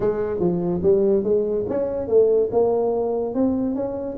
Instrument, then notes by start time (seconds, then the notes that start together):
tuba
0.00 G#3
0.39 F3
0.82 G3
1.23 G#3
1.69 C#4
2.07 A3
2.51 A#3
3.34 C4
3.75 C#4